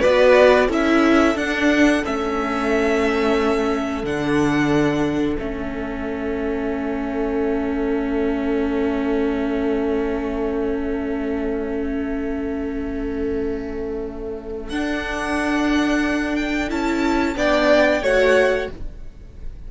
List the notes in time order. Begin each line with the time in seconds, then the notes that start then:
0.00 B3 F#4 B4 D5
0.68 C#4 E4 A4 E5
1.35 D4 F#5
2.04 A3 C#4 E5
4.03 D3 D4 F#5
5.37 A3 C#4 E5
14.69 D4 F#5
16.36 G5
16.68 C#4 E4 A5
17.36 B3 D4 D5 G5
18.01 A3 F#4 C#5 F#5